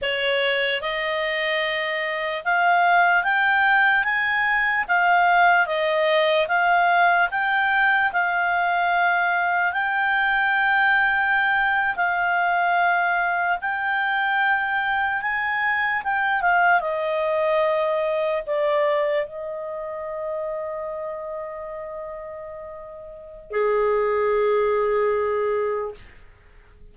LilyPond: \new Staff \with { instrumentName = "clarinet" } { \time 4/4 \tempo 4 = 74 cis''4 dis''2 f''4 | g''4 gis''4 f''4 dis''4 | f''4 g''4 f''2 | g''2~ g''8. f''4~ f''16~ |
f''8. g''2 gis''4 g''16~ | g''16 f''8 dis''2 d''4 dis''16~ | dis''1~ | dis''4 gis'2. | }